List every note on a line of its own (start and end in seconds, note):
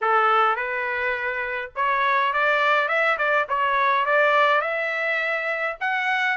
0.01 0.55 A4
0.55 1.71 B4
1.75 2.33 C#5
2.33 2.88 D5
2.88 3.17 E5
3.18 3.46 D5
3.49 4.05 C#5
4.05 4.61 D5
4.61 5.76 E5
5.80 6.37 F#5